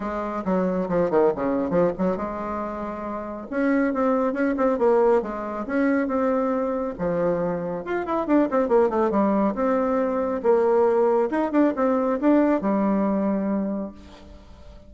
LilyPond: \new Staff \with { instrumentName = "bassoon" } { \time 4/4 \tempo 4 = 138 gis4 fis4 f8 dis8 cis4 | f8 fis8 gis2. | cis'4 c'4 cis'8 c'8 ais4 | gis4 cis'4 c'2 |
f2 f'8 e'8 d'8 c'8 | ais8 a8 g4 c'2 | ais2 dis'8 d'8 c'4 | d'4 g2. | }